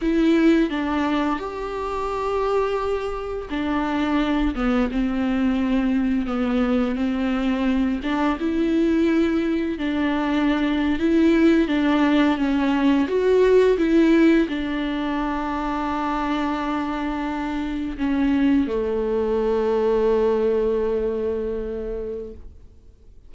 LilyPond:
\new Staff \with { instrumentName = "viola" } { \time 4/4 \tempo 4 = 86 e'4 d'4 g'2~ | g'4 d'4. b8 c'4~ | c'4 b4 c'4. d'8 | e'2 d'4.~ d'16 e'16~ |
e'8. d'4 cis'4 fis'4 e'16~ | e'8. d'2.~ d'16~ | d'4.~ d'16 cis'4 a4~ a16~ | a1 | }